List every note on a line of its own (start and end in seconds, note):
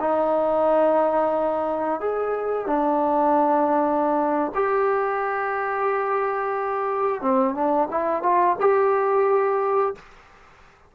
0.00 2.00 D#4
2.00 2.67 G#4
2.67 4.52 D4
4.55 7.21 G4
7.21 7.55 C4
7.55 7.88 D4
7.91 8.22 E4
8.22 8.56 F4
8.60 9.95 G4